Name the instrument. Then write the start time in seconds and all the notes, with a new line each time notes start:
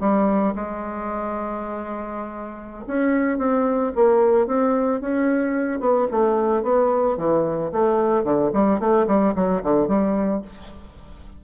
bassoon
0.00 G3
0.55 G#3
2.87 C#4
3.38 C4
3.95 A#3
4.47 C4
5.01 C#4
5.80 B3
6.11 A3
6.63 B3
7.17 E3
7.72 A3
8.24 D3
8.54 G3
8.80 A3
9.07 G3
9.35 F#3
9.63 D3
9.88 G3